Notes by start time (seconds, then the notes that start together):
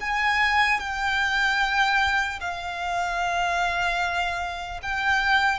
0.00 G#5
0.79 G5
2.40 F5
4.82 G5